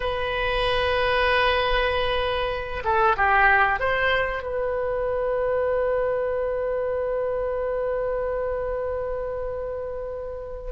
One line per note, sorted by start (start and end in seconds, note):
0.00 2.83 B4
2.84 3.16 A4
3.17 3.79 G4
3.79 4.42 C5
4.42 10.71 B4